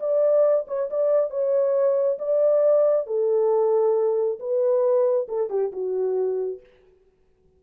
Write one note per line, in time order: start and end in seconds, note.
0.00 0.66 D5
0.68 0.90 C#5
0.90 1.30 D5
1.30 2.18 C#5
2.19 3.07 D5
3.07 4.39 A4
4.40 5.28 B4
5.28 5.50 A4
5.50 5.72 G4
5.72 6.61 F#4